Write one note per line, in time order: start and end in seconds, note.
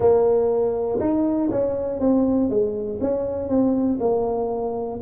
0.00 1.00 A#3
1.00 1.50 D#4
1.50 1.99 C#4
1.99 2.49 C4
2.49 2.99 G#3
3.00 3.49 C#4
3.49 3.99 C4
4.00 5.00 A#3